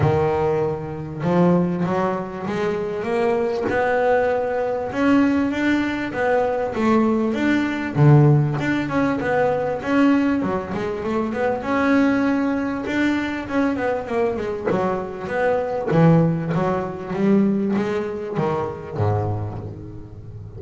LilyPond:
\new Staff \with { instrumentName = "double bass" } { \time 4/4 \tempo 4 = 98 dis2 f4 fis4 | gis4 ais4 b2 | cis'4 d'4 b4 a4 | d'4 d4 d'8 cis'8 b4 |
cis'4 fis8 gis8 a8 b8 cis'4~ | cis'4 d'4 cis'8 b8 ais8 gis8 | fis4 b4 e4 fis4 | g4 gis4 dis4 gis,4 | }